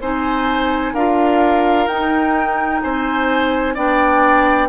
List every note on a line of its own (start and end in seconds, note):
0.00 0.93 C4
0.00 0.96 D#4
0.00 0.93 C5
0.00 0.94 G#5
0.93 1.87 D4
0.93 1.89 F4
0.93 2.81 A#4
0.93 1.87 F5
1.87 2.81 D#4
1.87 3.75 D#4
1.87 2.81 G5
2.82 3.76 C4
2.82 3.74 C5
2.82 3.75 G#5
3.74 4.69 B3
3.74 4.69 D4
3.74 4.68 D5
3.74 4.69 G5